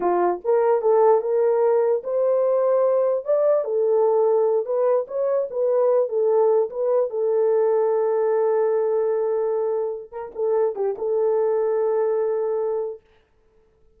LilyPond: \new Staff \with { instrumentName = "horn" } { \time 4/4 \tempo 4 = 148 f'4 ais'4 a'4 ais'4~ | ais'4 c''2. | d''4 a'2~ a'8 b'8~ | b'8 cis''4 b'4. a'4~ |
a'8 b'4 a'2~ a'8~ | a'1~ | a'4 ais'8 a'4 g'8 a'4~ | a'1 | }